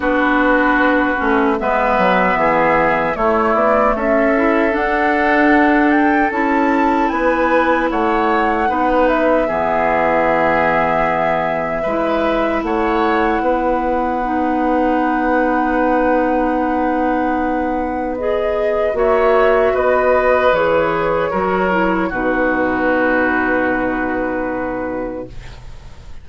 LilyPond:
<<
  \new Staff \with { instrumentName = "flute" } { \time 4/4 \tempo 4 = 76 b'2 e''2 | cis''8 d''8 e''4 fis''4. g''8 | a''4 gis''4 fis''4. e''8~ | e''1 |
fis''1~ | fis''2. dis''4 | e''4 dis''4 cis''2 | b'1 | }
  \new Staff \with { instrumentName = "oboe" } { \time 4/4 fis'2 b'4 gis'4 | e'4 a'2.~ | a'4 b'4 cis''4 b'4 | gis'2. b'4 |
cis''4 b'2.~ | b'1 | cis''4 b'2 ais'4 | fis'1 | }
  \new Staff \with { instrumentName = "clarinet" } { \time 4/4 d'4. cis'8 b2 | a4. e'8 d'2 | e'2. dis'4 | b2. e'4~ |
e'2 dis'2~ | dis'2. gis'4 | fis'2 gis'4 fis'8 e'8 | dis'1 | }
  \new Staff \with { instrumentName = "bassoon" } { \time 4/4 b4. a8 gis8 fis8 e4 | a8 b8 cis'4 d'2 | cis'4 b4 a4 b4 | e2. gis4 |
a4 b2.~ | b1 | ais4 b4 e4 fis4 | b,1 | }
>>